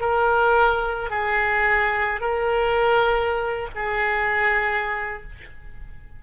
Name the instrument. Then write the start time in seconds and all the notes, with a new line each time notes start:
oboe
0.00 A#4
1.10 G#4
2.20 A#4
3.75 G#4